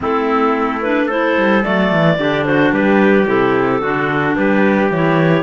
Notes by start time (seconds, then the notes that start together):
0.00 A3 C4 E4 A4
0.81 D4 B4
1.06 E4 A4 C5
1.37 G3
1.62 F#3 A3 D5
1.92 E3
2.18 D3 D4 G4
2.45 F#4 C5
2.71 G3 G4 B4
3.25 C3 E4 A4
3.81 D3 D4 F#4
4.35 G3 G4 B4
4.90 E3 E4 C#5